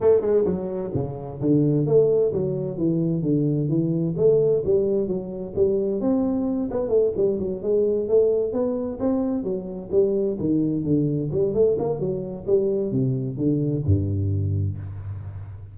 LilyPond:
\new Staff \with { instrumentName = "tuba" } { \time 4/4 \tempo 4 = 130 a8 gis8 fis4 cis4 d4 | a4 fis4 e4 d4 | e4 a4 g4 fis4 | g4 c'4. b8 a8 g8 |
fis8 gis4 a4 b4 c'8~ | c'8 fis4 g4 dis4 d8~ | d8 g8 a8 ais8 fis4 g4 | c4 d4 g,2 | }